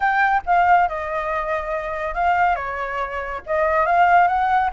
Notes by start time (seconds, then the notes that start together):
0.00 G5
0.45 F5
0.88 D#5
2.14 F5
2.55 C#5
3.46 D#5
3.86 F5
4.27 F#5